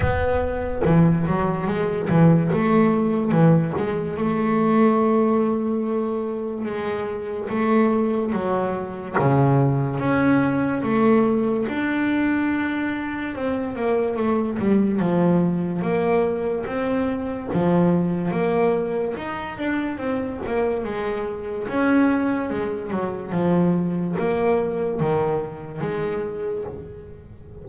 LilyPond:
\new Staff \with { instrumentName = "double bass" } { \time 4/4 \tempo 4 = 72 b4 e8 fis8 gis8 e8 a4 | e8 gis8 a2. | gis4 a4 fis4 cis4 | cis'4 a4 d'2 |
c'8 ais8 a8 g8 f4 ais4 | c'4 f4 ais4 dis'8 d'8 | c'8 ais8 gis4 cis'4 gis8 fis8 | f4 ais4 dis4 gis4 | }